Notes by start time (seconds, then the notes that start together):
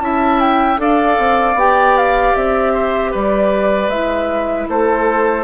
0.00 C#4 E4 E5 A5
0.40 G5
0.78 D4 A4 D5 F5
1.19 C4
1.55 B3 G4 G5
1.98 F5
2.35 C4 E5
2.74 C5
3.12 G3 B4 D5
3.89 G#3 E4 E5
4.69 A3 A4 C5